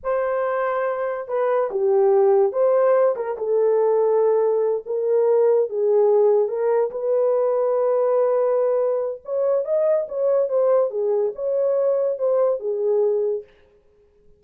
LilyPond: \new Staff \with { instrumentName = "horn" } { \time 4/4 \tempo 4 = 143 c''2. b'4 | g'2 c''4. ais'8 | a'2.~ a'8 ais'8~ | ais'4. gis'2 ais'8~ |
ais'8 b'2.~ b'8~ | b'2 cis''4 dis''4 | cis''4 c''4 gis'4 cis''4~ | cis''4 c''4 gis'2 | }